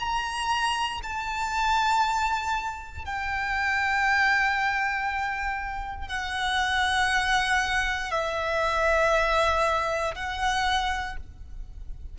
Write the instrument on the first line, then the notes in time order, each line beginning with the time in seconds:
violin
0.00 A#5
1.04 A5
3.06 G5
6.08 F#5
8.12 E5
10.16 F#5